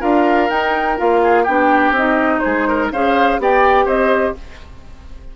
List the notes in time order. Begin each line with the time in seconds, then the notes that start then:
0.00 D4 F4 A#4 F5
0.50 D#4 G5
0.97 A#3 F4 F5
1.23 G#4
1.43 B3 D4 G4 G5
1.91 C4 D#5
1.97 D#4
2.39 G#4 C5
2.46 G#3
2.68 A#4
2.91 C#4 G#4 C5 F5
3.38 B3 G4 D5 G5
3.85 C4 C5 D#5